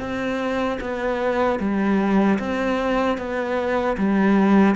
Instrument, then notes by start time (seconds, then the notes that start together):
cello
0.00 C4
0.81 B3
1.60 G3
2.39 C4
3.18 B3
3.98 G3